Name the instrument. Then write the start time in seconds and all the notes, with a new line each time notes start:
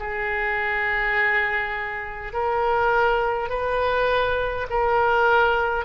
oboe
0.00 G#4
2.34 A#4
3.50 B4
4.70 A#4